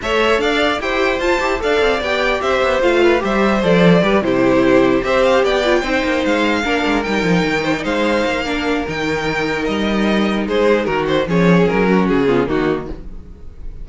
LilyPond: <<
  \new Staff \with { instrumentName = "violin" } { \time 4/4 \tempo 4 = 149 e''4 f''4 g''4 a''4 | f''4 g''4 e''4 f''4 | e''4 d''4. c''4.~ | c''8 e''8 f''8 g''2 f''8~ |
f''4. g''2 f''8~ | f''2 g''2 | dis''2 c''4 ais'8 c''8 | cis''4 ais'4 gis'4 fis'4 | }
  \new Staff \with { instrumentName = "violin" } { \time 4/4 cis''4 d''4 c''2 | d''2 c''4. b'8 | c''2 b'8 g'4.~ | g'8 c''4 d''4 c''4.~ |
c''8 ais'2~ ais'8 c''16 d''16 c''8~ | c''4 ais'2.~ | ais'2 gis'4 fis'4 | gis'4. fis'4 f'8 dis'4 | }
  \new Staff \with { instrumentName = "viola" } { \time 4/4 a'2 g'4 f'8 g'8 | a'4 g'2 f'4 | g'4 a'4 g'8 e'4.~ | e'8 g'4. f'8 dis'4.~ |
dis'8 d'4 dis'2~ dis'8~ | dis'4 d'4 dis'2~ | dis'1 | cis'2~ cis'8 b8 ais4 | }
  \new Staff \with { instrumentName = "cello" } { \time 4/4 a4 d'4 e'4 f'8 e'8 | d'8 c'8 b4 c'8 b8 a4 | g4 f4 g8 c4.~ | c8 c'4 b4 c'8 ais8 gis8~ |
gis8 ais8 gis8 g8 f8 dis4 gis8~ | gis8 ais4. dis2 | g2 gis4 dis4 | f4 fis4 cis4 dis4 | }
>>